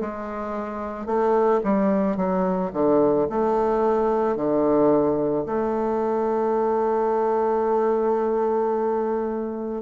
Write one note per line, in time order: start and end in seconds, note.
0.00 1.06 G#3
1.06 1.60 A3
1.63 2.16 G3
2.16 2.71 F#3
2.73 3.27 D3
3.29 4.36 A3
4.36 5.45 D3
5.45 9.82 A3